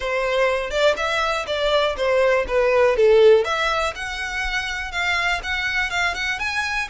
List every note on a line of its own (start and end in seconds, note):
0.00 0.70 C5
0.70 0.95 D5
0.97 1.46 E5
1.46 1.96 D5
1.96 2.45 C5
2.47 2.96 B4
2.96 3.44 A4
3.44 3.93 E5
3.95 4.91 F#5
4.91 5.41 F5
5.43 5.90 F#5
5.90 6.14 F5
6.14 6.39 F#5
6.39 6.88 G#5